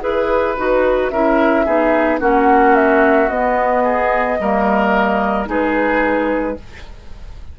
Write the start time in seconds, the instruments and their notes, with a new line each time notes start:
0.00 bassoon E4, clarinet G#4, flute B4, oboe B4
0.57 bassoon D#4, clarinet F#4
1.10 bassoon C#4, clarinet E4, oboe A#4, flute E5
1.65 bassoon B3, clarinet D#4, oboe G#4
2.20 bassoon A#3, clarinet C#4, oboe F#4, flute F#5
2.75 flute E5
3.29 bassoon B3, clarinet B3, flute D#5
3.83 oboe G#4
4.39 bassoon G3, clarinet A#3, oboe A#4
5.46 bassoon G#3, clarinet D#4, oboe G#4, flute B4